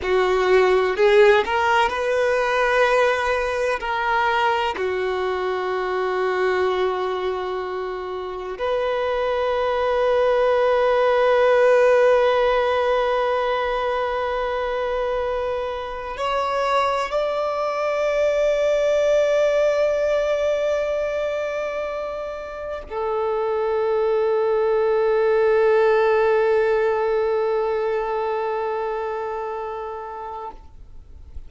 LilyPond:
\new Staff \with { instrumentName = "violin" } { \time 4/4 \tempo 4 = 63 fis'4 gis'8 ais'8 b'2 | ais'4 fis'2.~ | fis'4 b'2.~ | b'1~ |
b'4 cis''4 d''2~ | d''1 | a'1~ | a'1 | }